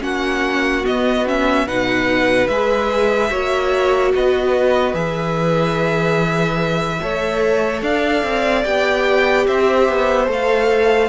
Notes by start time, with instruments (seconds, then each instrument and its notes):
0.00 cello A#3, viola C#4, violin F#4 F#5
0.84 viola B3, cello B3, violin D#5
1.27 viola C#4, violin E5
1.66 cello B2, viola D#4, violin B4 F#5
2.47 cello G#3, viola G#4, violin E5
3.30 cello A#3, viola F#4, violin C#5
4.15 cello B3, violin B4 D#5
4.94 cello E3, viola G#4, violin E5
7.02 cello A3, viola A4, violin C#5
7.82 cello D4, violin D5 F5
8.23 cello C4
8.65 cello B3, viola G4, violin G5
9.47 cello C4, violin C5 E5
9.89 cello B3
10.27 cello A3, viola A4, violin F5